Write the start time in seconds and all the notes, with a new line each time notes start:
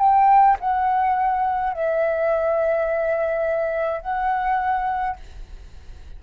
0.00 G5
0.60 F#5
1.74 E5
4.02 F#5